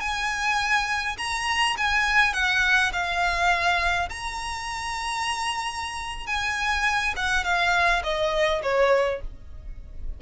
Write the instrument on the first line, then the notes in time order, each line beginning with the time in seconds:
violin
0.00 G#5
1.18 A#5
1.77 G#5
2.34 F#5
2.92 F5
4.09 A#5
6.26 G#5
7.16 F#5
7.44 F5
8.03 D#5
8.62 C#5